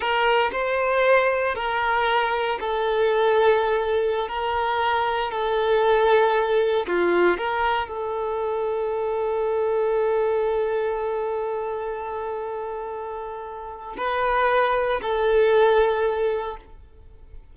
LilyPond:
\new Staff \with { instrumentName = "violin" } { \time 4/4 \tempo 4 = 116 ais'4 c''2 ais'4~ | ais'4 a'2.~ | a'16 ais'2 a'4.~ a'16~ | a'4~ a'16 f'4 ais'4 a'8.~ |
a'1~ | a'1~ | a'2. b'4~ | b'4 a'2. | }